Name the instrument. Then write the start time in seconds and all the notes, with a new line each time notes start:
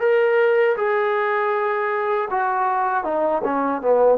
trombone
0.00 A#4
0.77 G#4
2.30 F#4
3.04 D#4
3.44 C#4
3.82 B3